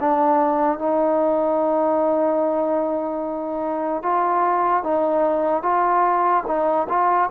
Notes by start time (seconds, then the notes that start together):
0.00 D4
0.79 D#4
4.02 F4
4.83 D#4
5.63 F4
6.47 D#4
6.89 F4